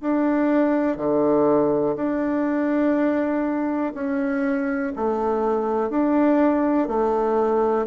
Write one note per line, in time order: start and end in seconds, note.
0.00 0.97 D4
0.97 1.95 D3
1.96 3.93 D4
3.93 4.92 C#4
4.95 5.89 A3
5.89 6.88 D4
6.88 7.86 A3